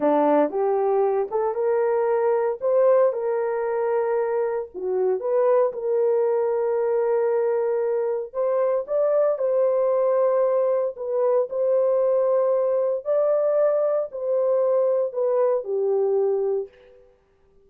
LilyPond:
\new Staff \with { instrumentName = "horn" } { \time 4/4 \tempo 4 = 115 d'4 g'4. a'8 ais'4~ | ais'4 c''4 ais'2~ | ais'4 fis'4 b'4 ais'4~ | ais'1 |
c''4 d''4 c''2~ | c''4 b'4 c''2~ | c''4 d''2 c''4~ | c''4 b'4 g'2 | }